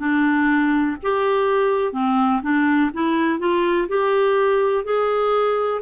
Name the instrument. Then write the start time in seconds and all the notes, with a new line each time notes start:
clarinet
0.00 D4
1.03 G4
1.93 C4
2.43 D4
2.94 E4
3.40 F4
3.88 G4
4.85 G#4